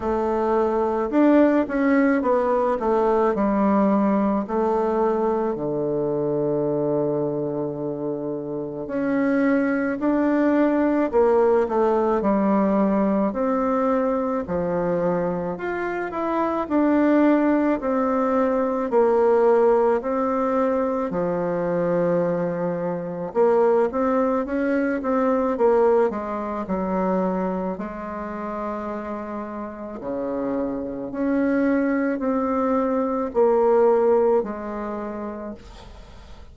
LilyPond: \new Staff \with { instrumentName = "bassoon" } { \time 4/4 \tempo 4 = 54 a4 d'8 cis'8 b8 a8 g4 | a4 d2. | cis'4 d'4 ais8 a8 g4 | c'4 f4 f'8 e'8 d'4 |
c'4 ais4 c'4 f4~ | f4 ais8 c'8 cis'8 c'8 ais8 gis8 | fis4 gis2 cis4 | cis'4 c'4 ais4 gis4 | }